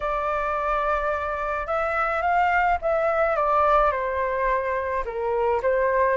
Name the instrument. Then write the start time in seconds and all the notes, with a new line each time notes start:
flute
0.00 D5
1.66 E5
2.21 F5
2.81 E5
3.35 D5
3.91 C5
5.05 A#4
5.62 C5